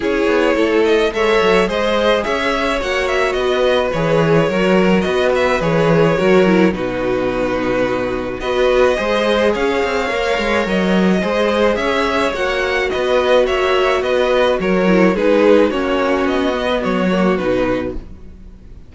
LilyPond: <<
  \new Staff \with { instrumentName = "violin" } { \time 4/4 \tempo 4 = 107 cis''4. dis''8 e''4 dis''4 | e''4 fis''8 e''8 dis''4 cis''4~ | cis''4 dis''8 e''8 cis''2 | b'2. dis''4~ |
dis''4 f''2 dis''4~ | dis''4 e''4 fis''4 dis''4 | e''4 dis''4 cis''4 b'4 | cis''4 dis''4 cis''4 b'4 | }
  \new Staff \with { instrumentName = "violin" } { \time 4/4 gis'4 a'4 cis''4 c''4 | cis''2 b'2 | ais'4 b'2 ais'4 | fis'2. b'4 |
c''4 cis''2. | c''4 cis''2 b'4 | cis''4 b'4 ais'4 gis'4 | fis'4.~ fis'16 b'16 fis'2 | }
  \new Staff \with { instrumentName = "viola" } { \time 4/4 e'2 a'4 gis'4~ | gis'4 fis'2 gis'4 | fis'2 gis'4 fis'8 e'8 | dis'2. fis'4 |
gis'2 ais'2 | gis'2 fis'2~ | fis'2~ fis'8 e'8 dis'4 | cis'4. b4 ais8 dis'4 | }
  \new Staff \with { instrumentName = "cello" } { \time 4/4 cis'8 b8 a4 gis8 fis8 gis4 | cis'4 ais4 b4 e4 | fis4 b4 e4 fis4 | b,2. b4 |
gis4 cis'8 c'8 ais8 gis8 fis4 | gis4 cis'4 ais4 b4 | ais4 b4 fis4 gis4 | ais4 b4 fis4 b,4 | }
>>